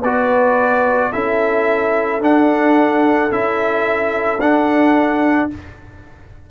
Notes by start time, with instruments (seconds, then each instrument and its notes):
0.00 tuba B3, trombone F#4, horn B4, trumpet D5
1.12 tuba C#4, trombone E4, horn A4, trumpet E5
2.20 tuba D4, trombone D4, trumpet F#5
3.30 tuba C#4, trombone E4, trumpet E5
4.40 tuba D4, trombone D4, trumpet F#5